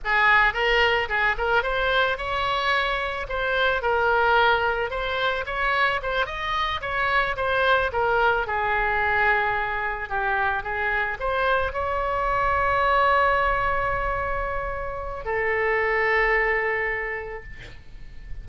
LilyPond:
\new Staff \with { instrumentName = "oboe" } { \time 4/4 \tempo 4 = 110 gis'4 ais'4 gis'8 ais'8 c''4 | cis''2 c''4 ais'4~ | ais'4 c''4 cis''4 c''8 dis''8~ | dis''8 cis''4 c''4 ais'4 gis'8~ |
gis'2~ gis'8 g'4 gis'8~ | gis'8 c''4 cis''2~ cis''8~ | cis''1 | a'1 | }